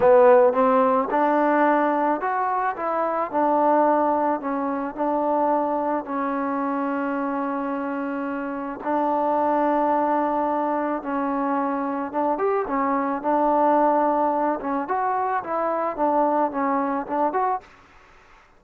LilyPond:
\new Staff \with { instrumentName = "trombone" } { \time 4/4 \tempo 4 = 109 b4 c'4 d'2 | fis'4 e'4 d'2 | cis'4 d'2 cis'4~ | cis'1 |
d'1 | cis'2 d'8 g'8 cis'4 | d'2~ d'8 cis'8 fis'4 | e'4 d'4 cis'4 d'8 fis'8 | }